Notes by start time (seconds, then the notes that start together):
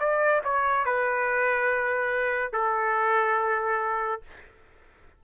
0.00 D5
0.45 C#5
0.86 B4
2.53 A4